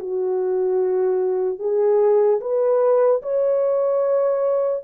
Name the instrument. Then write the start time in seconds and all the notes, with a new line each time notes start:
horn
0.00 F#4
1.59 G#4
2.41 B4
3.22 C#5